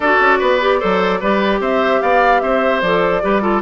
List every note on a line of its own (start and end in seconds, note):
0.00 0.16 D4
0.00 0.60 F#4
0.00 0.38 A4
0.00 1.61 D5
0.20 0.40 C#4
0.38 0.82 B3
0.38 0.79 B4
0.60 0.80 G4
0.79 1.21 F#3
0.79 1.20 A4
0.79 1.19 C5
1.20 1.60 G3
1.20 2.83 G4
1.20 1.60 B4
1.60 2.00 C4
1.60 2.01 C5
1.60 2.01 E5
2.01 2.42 B3
2.01 2.42 D5
2.01 2.40 F5
2.40 2.82 C4
2.40 3.22 C5
2.40 2.80 E5
2.81 3.22 F3
2.81 3.22 A4
2.81 3.61 D5
3.22 3.62 G3
3.22 3.41 G4
3.22 3.42 B4
3.41 3.62 F4
3.41 3.62 A4